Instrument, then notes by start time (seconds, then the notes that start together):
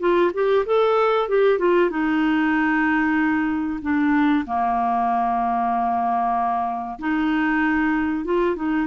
clarinet
0.00 F4
0.34 G4
0.66 A4
1.29 G4
1.59 F4
1.91 D#4
3.82 D4
4.46 A#3
6.99 D#4
8.25 F4
8.56 D#4